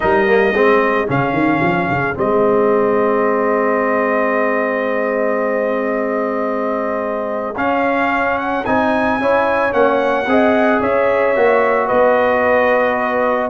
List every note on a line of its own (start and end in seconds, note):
0.00 0.53 G3
0.00 0.26 D#4
0.00 0.54 A#4
0.00 1.08 D#5
0.26 0.53 A#3
0.53 1.07 G#3
0.53 1.07 C4
0.53 9.18 G#4
1.07 1.32 C#3
1.07 2.14 C#4
1.07 2.18 F5
1.32 1.59 D#3
1.61 1.89 F3
1.89 2.16 C#3
2.14 7.56 G#3
2.14 7.55 C4
2.14 7.57 D#5
7.56 8.64 C#4
7.56 8.65 C#4
7.56 8.37 F5
8.37 8.65 F#5
8.65 9.19 C4
8.65 9.20 D#4
8.65 9.73 G#5
9.19 9.73 C#4
9.19 9.70 E4
9.19 10.29 C#5
9.70 10.26 A#3
9.70 10.24 C#4
9.70 10.81 F#5
10.26 10.80 C4
10.26 11.35 G#4
10.26 10.80 D#5
10.80 11.36 C#4
10.80 11.87 C#5
10.80 11.88 E5
11.35 11.90 A#3
11.35 13.49 F#4
11.87 13.49 B3
11.87 13.49 B4
11.87 13.49 D#5